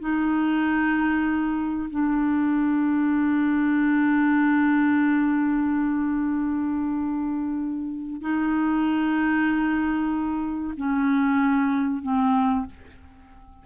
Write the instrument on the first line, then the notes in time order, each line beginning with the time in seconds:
clarinet
0.00 D#4
1.90 D4
8.21 D#4
10.77 C#4
12.03 C4